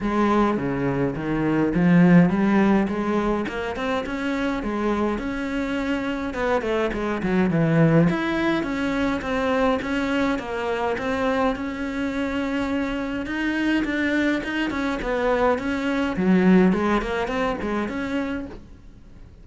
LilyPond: \new Staff \with { instrumentName = "cello" } { \time 4/4 \tempo 4 = 104 gis4 cis4 dis4 f4 | g4 gis4 ais8 c'8 cis'4 | gis4 cis'2 b8 a8 | gis8 fis8 e4 e'4 cis'4 |
c'4 cis'4 ais4 c'4 | cis'2. dis'4 | d'4 dis'8 cis'8 b4 cis'4 | fis4 gis8 ais8 c'8 gis8 cis'4 | }